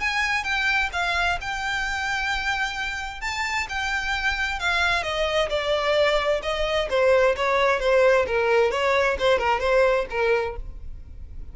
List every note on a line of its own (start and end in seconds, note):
0.00 0.44 G#5
0.44 0.89 G5
0.92 1.38 F5
1.41 3.21 G5
3.21 3.67 A5
3.69 4.59 G5
4.59 5.03 F5
5.03 5.49 D#5
5.49 6.40 D5
6.42 6.88 D#5
6.90 7.35 C5
7.36 7.79 C#5
7.79 8.25 C5
8.26 8.71 A#4
8.71 9.17 C#5
9.19 9.38 C5
9.38 9.60 A#4
9.60 10.05 C5
10.10 10.56 A#4